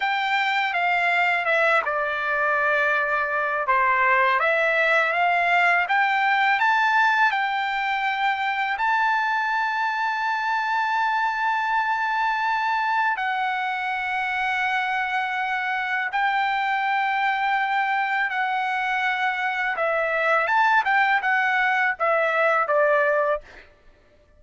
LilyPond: \new Staff \with { instrumentName = "trumpet" } { \time 4/4 \tempo 4 = 82 g''4 f''4 e''8 d''4.~ | d''4 c''4 e''4 f''4 | g''4 a''4 g''2 | a''1~ |
a''2 fis''2~ | fis''2 g''2~ | g''4 fis''2 e''4 | a''8 g''8 fis''4 e''4 d''4 | }